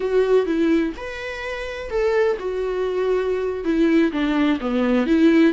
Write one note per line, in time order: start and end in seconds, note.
0.00 0.46 F#4
0.46 0.93 E4
0.97 1.90 B4
1.90 2.37 A4
2.39 3.64 F#4
3.64 4.11 E4
4.12 4.59 D4
4.60 5.06 B3
5.06 5.53 E4